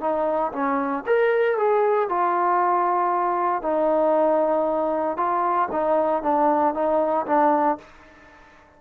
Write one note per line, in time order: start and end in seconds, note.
0.00 0.52 D#4
0.52 1.04 C#4
1.06 1.57 A#4
1.57 2.09 G#4
2.09 3.62 F4
3.62 5.17 D#4
5.17 5.68 F4
5.72 6.22 D#4
6.22 6.74 D4
6.74 7.26 D#4
7.26 7.78 D4